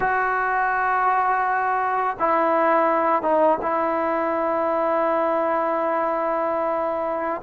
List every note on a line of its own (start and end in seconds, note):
0.00 2.17 F#4
2.19 3.22 E4
3.22 3.58 D#4
3.61 7.41 E4